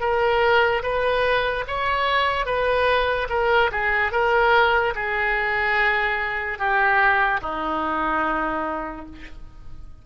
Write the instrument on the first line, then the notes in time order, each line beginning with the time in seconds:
oboe
0.00 A#4
0.83 B4
1.67 C#5
2.46 B4
3.30 A#4
3.71 G#4
4.12 A#4
4.95 G#4
6.59 G4
7.41 D#4